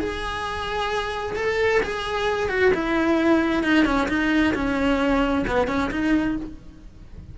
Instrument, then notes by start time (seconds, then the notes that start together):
cello
0.00 G#4
1.36 A4
1.83 G#4
2.49 F#4
2.74 E4
3.63 D#4
3.85 C#4
4.08 D#4
4.54 C#4
5.47 B3
5.68 C#4
5.91 D#4